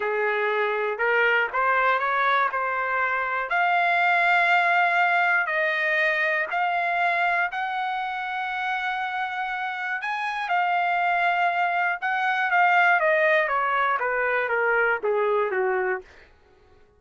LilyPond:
\new Staff \with { instrumentName = "trumpet" } { \time 4/4 \tempo 4 = 120 gis'2 ais'4 c''4 | cis''4 c''2 f''4~ | f''2. dis''4~ | dis''4 f''2 fis''4~ |
fis''1 | gis''4 f''2. | fis''4 f''4 dis''4 cis''4 | b'4 ais'4 gis'4 fis'4 | }